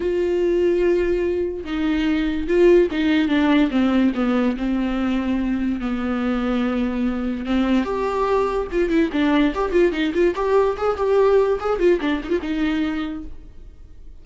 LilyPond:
\new Staff \with { instrumentName = "viola" } { \time 4/4 \tempo 4 = 145 f'1 | dis'2 f'4 dis'4 | d'4 c'4 b4 c'4~ | c'2 b2~ |
b2 c'4 g'4~ | g'4 f'8 e'8 d'4 g'8 f'8 | dis'8 f'8 g'4 gis'8 g'4. | gis'8 f'8 d'8 dis'16 f'16 dis'2 | }